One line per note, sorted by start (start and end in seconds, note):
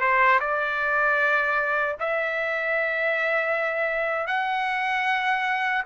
0.00 0.39 C5
0.40 1.96 D5
1.99 4.27 E5
4.27 5.83 F#5